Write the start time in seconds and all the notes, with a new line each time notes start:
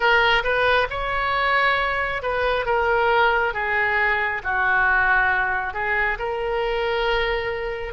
0.00 A#4
0.43 B4
0.89 C#5
2.22 B4
2.65 A#4
3.53 G#4
4.43 F#4
5.74 G#4
6.18 A#4